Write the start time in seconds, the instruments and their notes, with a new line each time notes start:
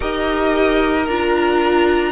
0.00 cello D#4, viola G4, violin A#4 D#5
1.06 cello D4, viola F4, violin A#5